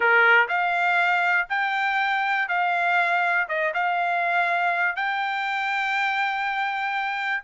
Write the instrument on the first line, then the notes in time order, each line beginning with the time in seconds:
trumpet
0.00 A#4
0.48 F5
1.49 G5
2.48 F5
3.48 D#5
3.73 F5
4.96 G5